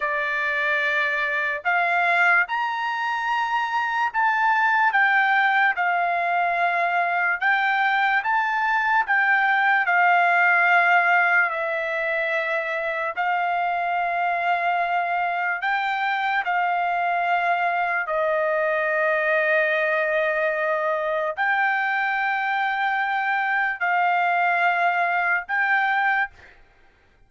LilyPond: \new Staff \with { instrumentName = "trumpet" } { \time 4/4 \tempo 4 = 73 d''2 f''4 ais''4~ | ais''4 a''4 g''4 f''4~ | f''4 g''4 a''4 g''4 | f''2 e''2 |
f''2. g''4 | f''2 dis''2~ | dis''2 g''2~ | g''4 f''2 g''4 | }